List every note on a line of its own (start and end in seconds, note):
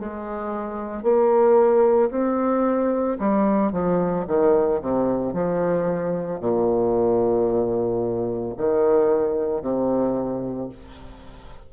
0.00 1.03 G#3
1.03 2.10 A#3
2.11 3.18 C4
3.19 3.73 G3
3.73 4.26 F3
4.28 4.81 D#3
4.82 5.34 C3
5.34 6.41 F3
6.41 8.55 A#2
8.58 9.62 D#3
9.62 10.69 C3